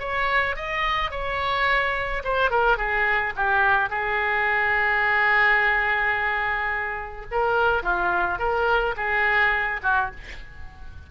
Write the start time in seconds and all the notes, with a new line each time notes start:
0.00 C#5
0.56 D#5
1.11 C#5
2.24 C5
2.51 A#4
2.77 G#4
3.36 G4
3.90 G#4
7.32 A#4
7.83 F4
8.39 A#4
8.97 G#4
9.83 F#4